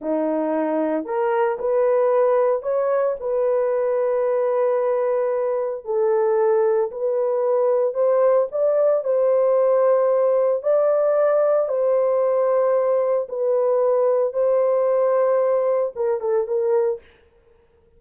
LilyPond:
\new Staff \with { instrumentName = "horn" } { \time 4/4 \tempo 4 = 113 dis'2 ais'4 b'4~ | b'4 cis''4 b'2~ | b'2. a'4~ | a'4 b'2 c''4 |
d''4 c''2. | d''2 c''2~ | c''4 b'2 c''4~ | c''2 ais'8 a'8 ais'4 | }